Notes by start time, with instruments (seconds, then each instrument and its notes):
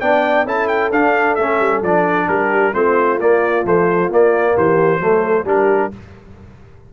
0.00 tuba B3, trombone D4, horn D5, trumpet G5
0.45 tuba C#4, trombone E4, horn A4, trumpet A5
0.67 trumpet G5
0.91 tuba D4, trombone D4, trumpet F5
1.35 tuba A3, trombone C#4, trumpet E5
1.60 tuba G3
1.81 tuba F3, trombone D4, trumpet D5
2.28 tuba G3, horn G4, trumpet A#4
2.72 tuba A3, trombone C4, horn F4, trumpet C5
3.19 tuba A#3, trombone A#3, trumpet D5
3.64 trombone F3, tuba A3, trumpet C5
4.09 tuba A#3, trombone A#3, trumpet D5
4.55 tuba E3, horn G4, trumpet C5
4.99 tuba F#3, trombone A3, horn A4
5.43 tuba G3, trombone D4, horn G4, trumpet A#4